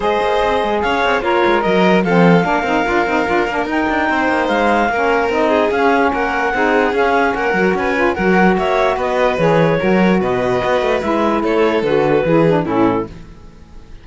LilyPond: <<
  \new Staff \with { instrumentName = "clarinet" } { \time 4/4 \tempo 4 = 147 dis''2 f''4 cis''4 | dis''4 f''2.~ | f''4 g''2 f''4~ | f''4 dis''4 f''4 fis''4~ |
fis''4 f''4 fis''4 gis''4 | fis''4 e''4 dis''4 cis''4~ | cis''4 dis''2 e''4 | cis''4 b'2 a'4 | }
  \new Staff \with { instrumentName = "violin" } { \time 4/4 c''2 cis''4 f'4 | ais'4 a'4 ais'2~ | ais'2 c''2 | ais'4. gis'4. ais'4 |
gis'2 ais'4 b'4 | ais'4 cis''4 b'2 | ais'4 b'2. | a'2 gis'4 e'4 | }
  \new Staff \with { instrumentName = "saxophone" } { \time 4/4 gis'2. ais'4~ | ais'4 c'4 d'8 dis'8 f'8 dis'8 | f'8 d'8 dis'2. | cis'4 dis'4 cis'2 |
dis'4 cis'4. fis'4 f'8 | fis'2. gis'4 | fis'2. e'4~ | e'4 fis'4 e'8 d'8 cis'4 | }
  \new Staff \with { instrumentName = "cello" } { \time 4/4 gis8 ais8 c'8 gis8 cis'8 c'8 ais8 gis8 | fis4 f4 ais8 c'8 d'8 c'8 | d'8 ais8 dis'8 d'8 c'8 ais8 gis4 | ais4 c'4 cis'4 ais4 |
c'4 cis'4 ais8 fis8 cis'4 | fis4 ais4 b4 e4 | fis4 b,4 b8 a8 gis4 | a4 d4 e4 a,4 | }
>>